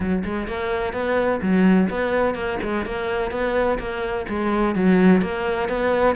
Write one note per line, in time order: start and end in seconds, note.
0.00 0.23 F#3
0.24 0.47 G#3
0.47 0.93 A#3
0.93 1.40 B3
1.42 1.89 F#3
1.89 2.34 B3
2.34 2.58 A#3
2.62 2.85 G#3
2.85 3.31 A#3
3.31 3.78 B3
3.78 4.26 A#3
4.28 4.75 G#3
4.75 5.21 F#3
5.21 5.68 A#3
5.68 6.15 B3